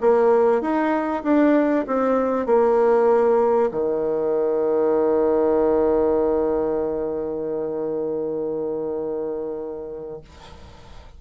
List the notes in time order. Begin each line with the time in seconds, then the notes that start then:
0.00 A#3
0.61 D#4
1.23 D4
1.87 C4
2.45 A#3
3.71 D#3